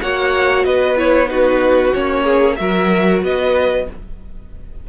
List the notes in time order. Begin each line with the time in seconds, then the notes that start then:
0.00 A#3 F#4 C#5 F#5
0.64 B3 B4 D#5
0.96 E4 C#5
1.26 D#4 F#4 B4
1.93 A#3 C#4 C#5
2.23 G#4
2.56 F#3 F#4 A#4 E5
3.22 B3 B4 D#5